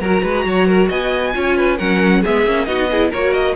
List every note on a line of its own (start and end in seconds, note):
0.00 0.22 F#3
0.00 1.33 F#4
0.00 0.23 A#4
0.00 0.89 A#5
0.23 0.45 G#3
0.23 0.45 B4
0.45 0.90 F#3
0.45 0.67 C#5
0.67 0.89 A#4
0.89 1.34 B3
0.89 1.33 D#5
0.89 1.78 G#5
1.33 1.80 C#4
1.33 1.77 F4
1.33 1.57 C#5
1.57 1.78 B4
1.78 2.25 F#3
1.78 2.24 C#4
1.78 2.21 A#4
1.78 2.23 F#5
2.21 2.46 G#3
2.21 2.46 B3
2.21 2.66 G#4
2.21 2.65 E5
2.46 2.67 A#3
2.46 2.67 C#4
2.65 3.12 B3
2.65 2.89 D#4
2.65 2.90 F#4
2.65 3.10 D#5
2.91 3.14 E4
2.91 3.10 G#4
3.10 3.56 A#3
3.10 3.56 F#4
3.10 3.55 A#4
3.10 3.34 C#5
3.34 3.56 D#5